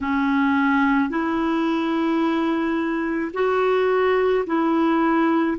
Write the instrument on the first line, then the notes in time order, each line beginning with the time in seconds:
clarinet
0.01 C#4
1.09 E4
3.33 F#4
4.46 E4